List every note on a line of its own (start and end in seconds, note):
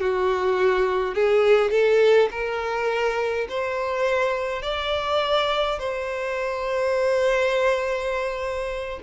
0.00 1.14 F#4
1.14 1.71 G#4
1.71 2.29 A4
2.31 3.47 A#4
3.49 4.62 C5
4.62 5.79 D5
5.79 8.99 C5